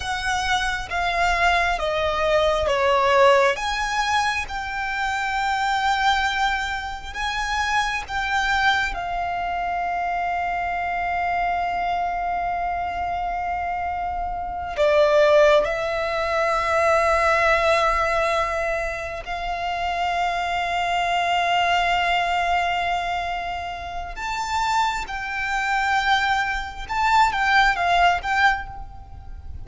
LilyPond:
\new Staff \with { instrumentName = "violin" } { \time 4/4 \tempo 4 = 67 fis''4 f''4 dis''4 cis''4 | gis''4 g''2. | gis''4 g''4 f''2~ | f''1~ |
f''8 d''4 e''2~ e''8~ | e''4. f''2~ f''8~ | f''2. a''4 | g''2 a''8 g''8 f''8 g''8 | }